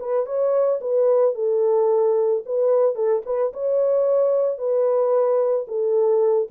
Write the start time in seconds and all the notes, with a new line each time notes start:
0.00 B4
0.26 C#5
0.81 B4
1.35 A4
2.46 B4
2.95 A4
3.26 B4
3.54 C#5
4.58 B4
5.68 A4